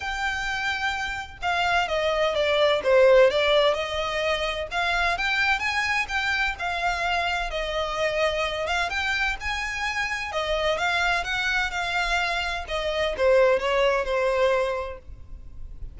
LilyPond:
\new Staff \with { instrumentName = "violin" } { \time 4/4 \tempo 4 = 128 g''2. f''4 | dis''4 d''4 c''4 d''4 | dis''2 f''4 g''4 | gis''4 g''4 f''2 |
dis''2~ dis''8 f''8 g''4 | gis''2 dis''4 f''4 | fis''4 f''2 dis''4 | c''4 cis''4 c''2 | }